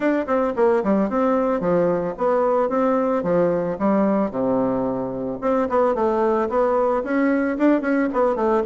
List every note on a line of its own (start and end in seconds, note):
0.00 0.26 D4
0.26 0.53 C4
0.56 0.83 A#3
0.83 1.09 G3
1.09 1.60 C4
1.60 2.14 F3
2.17 2.69 B3
2.69 3.23 C4
3.23 3.77 F3
3.78 4.30 G3
4.30 5.39 C3
5.41 5.68 C4
5.69 5.94 B3
5.94 6.48 A3
6.49 7.03 B3
7.03 7.57 C#4
7.57 7.81 D4
7.81 8.08 C#4
8.13 8.35 B3
8.35 8.62 A3